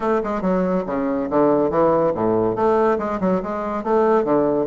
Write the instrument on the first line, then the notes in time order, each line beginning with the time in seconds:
bassoon
0.00 A3
0.23 G#3
0.41 F#3
0.86 C#3
1.30 D3
1.70 E3
2.14 A2
2.55 A3
2.98 G#3
3.20 F#3
3.43 G#3
3.83 A3
4.24 D3